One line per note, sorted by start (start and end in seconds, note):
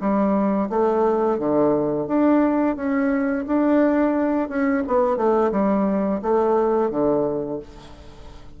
0.00 0.69 G3
0.69 1.38 A3
1.38 2.07 D3
2.07 2.76 D4
2.76 3.45 C#4
3.47 4.49 D4
4.49 4.83 C#4
4.87 5.16 B3
5.16 5.51 A3
5.51 6.20 G3
6.22 6.90 A3
6.90 7.59 D3